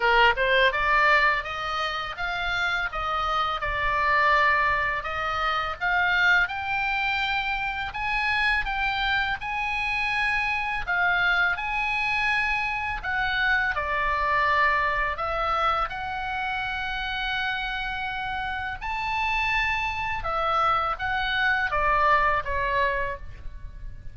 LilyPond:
\new Staff \with { instrumentName = "oboe" } { \time 4/4 \tempo 4 = 83 ais'8 c''8 d''4 dis''4 f''4 | dis''4 d''2 dis''4 | f''4 g''2 gis''4 | g''4 gis''2 f''4 |
gis''2 fis''4 d''4~ | d''4 e''4 fis''2~ | fis''2 a''2 | e''4 fis''4 d''4 cis''4 | }